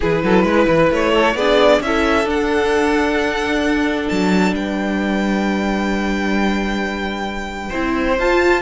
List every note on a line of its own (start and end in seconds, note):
0.00 0.23 E3
0.00 1.37 E4
0.00 0.23 G#4
0.00 0.93 B4
0.23 0.43 F#3
0.23 0.43 A4
0.43 0.66 G#3
0.43 1.12 B4
0.67 0.90 E3
0.90 1.34 A3
0.90 1.36 C#5
1.12 1.35 A4
1.34 1.79 B3
1.34 1.81 G#4
1.34 1.81 D5
1.40 1.85 D4
1.80 2.25 C#4
1.80 2.25 E4
1.80 4.55 A4
1.80 2.28 E5
2.25 4.06 D4
2.25 7.71 D4
2.25 4.08 F#5
4.08 4.52 F#3
4.08 4.53 A5
4.52 7.70 G3
4.52 7.69 B4
4.52 8.19 G5
7.69 8.18 C4
7.69 8.17 E4
7.69 8.60 C5
8.18 8.62 F4
8.18 8.62 A5